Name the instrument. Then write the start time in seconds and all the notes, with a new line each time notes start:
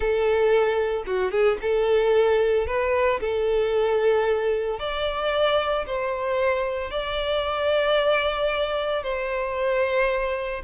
violin
0.00 A4
1.06 F#4
1.31 G#4
1.61 A4
2.66 B4
3.20 A4
4.79 D5
5.86 C5
6.90 D5
9.03 C5